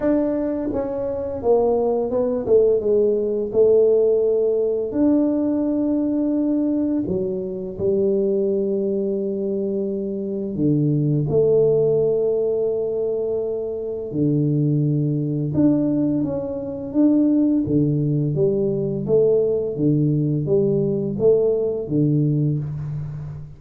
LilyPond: \new Staff \with { instrumentName = "tuba" } { \time 4/4 \tempo 4 = 85 d'4 cis'4 ais4 b8 a8 | gis4 a2 d'4~ | d'2 fis4 g4~ | g2. d4 |
a1 | d2 d'4 cis'4 | d'4 d4 g4 a4 | d4 g4 a4 d4 | }